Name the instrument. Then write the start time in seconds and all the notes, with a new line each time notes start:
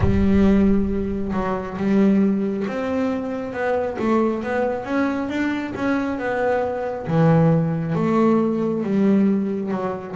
double bass
0.00 G3
1.32 F#3
1.77 G3
2.67 C4
3.53 B3
3.99 A3
4.43 B3
4.84 C#4
5.29 D4
5.75 C#4
6.18 B3
7.07 E3
7.95 A3
8.83 G3
9.71 F#3